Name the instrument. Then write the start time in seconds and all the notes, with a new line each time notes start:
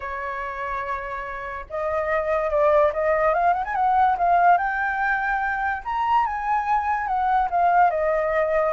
flute
0.00 C#5
1.69 D#5
2.50 D5
2.93 D#5
3.34 F5
3.53 F#5
3.64 G#5
3.75 F#5
4.17 F5
4.57 G5
5.84 A#5
6.26 G#5
7.07 F#5
7.50 F5
7.90 D#5